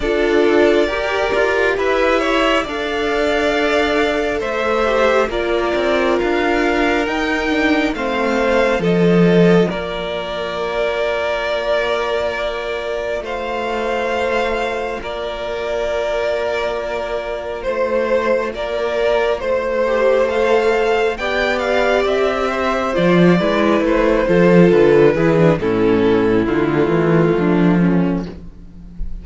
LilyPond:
<<
  \new Staff \with { instrumentName = "violin" } { \time 4/4 \tempo 4 = 68 d''2 e''4 f''4~ | f''4 e''4 d''4 f''4 | g''4 f''4 dis''4 d''4~ | d''2. f''4~ |
f''4 d''2. | c''4 d''4 c''4 f''4 | g''8 f''8 e''4 d''4 c''4 | b'4 a'4 f'2 | }
  \new Staff \with { instrumentName = "violin" } { \time 4/4 a'4 ais'4 b'8 cis''8 d''4~ | d''4 c''4 ais'2~ | ais'4 c''4 a'4 ais'4~ | ais'2. c''4~ |
c''4 ais'2. | c''4 ais'4 c''2 | d''4. c''4 b'4 a'8~ | a'8 gis'8 e'2 d'8 cis'8 | }
  \new Staff \with { instrumentName = "viola" } { \time 4/4 f'4 g'2 a'4~ | a'4. g'8 f'2 | dis'8 d'8 c'4 f'2~ | f'1~ |
f'1~ | f'2~ f'8 g'8 a'4 | g'2 f'8 e'4 f'8~ | f'8 e'16 d'16 cis'4 a2 | }
  \new Staff \with { instrumentName = "cello" } { \time 4/4 d'4 g'8 f'8 e'4 d'4~ | d'4 a4 ais8 c'8 d'4 | dis'4 a4 f4 ais4~ | ais2. a4~ |
a4 ais2. | a4 ais4 a2 | b4 c'4 f8 gis8 a8 f8 | d8 e8 a,4 d8 e8 f4 | }
>>